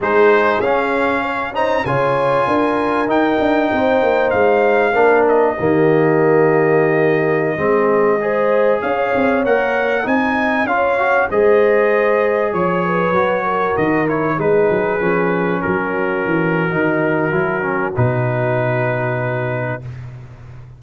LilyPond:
<<
  \new Staff \with { instrumentName = "trumpet" } { \time 4/4 \tempo 4 = 97 c''4 f''4. ais''8 gis''4~ | gis''4 g''2 f''4~ | f''8 dis''2.~ dis''8~ | dis''2~ dis''16 f''4 fis''8.~ |
fis''16 gis''4 f''4 dis''4.~ dis''16~ | dis''16 cis''2 dis''8 cis''8 b'8.~ | b'4~ b'16 ais'2~ ais'8.~ | ais'4 b'2. | }
  \new Staff \with { instrumentName = "horn" } { \time 4/4 gis'2 cis''8 c''8 cis''4 | ais'2 c''2 | ais'4 g'2.~ | g'16 gis'4 c''4 cis''4.~ cis''16~ |
cis''16 dis''4 cis''4 c''4.~ c''16~ | c''16 cis''8 b'4 ais'4. gis'8.~ | gis'4~ gis'16 fis'2~ fis'8.~ | fis'1 | }
  \new Staff \with { instrumentName = "trombone" } { \time 4/4 dis'4 cis'4. dis'8 f'4~ | f'4 dis'2. | d'4 ais2.~ | ais16 c'4 gis'2 ais'8.~ |
ais'16 dis'4 f'8 fis'8 gis'4.~ gis'16~ | gis'4~ gis'16 fis'4. e'8 dis'8.~ | dis'16 cis'2~ cis'8. dis'4 | e'8 cis'8 dis'2. | }
  \new Staff \with { instrumentName = "tuba" } { \time 4/4 gis4 cis'2 cis4 | d'4 dis'8 d'8 c'8 ais8 gis4 | ais4 dis2.~ | dis16 gis2 cis'8 c'8 ais8.~ |
ais16 c'4 cis'4 gis4.~ gis16~ | gis16 f4 fis4 dis4 gis8 fis16~ | fis16 f4 fis4 e8. dis4 | fis4 b,2. | }
>>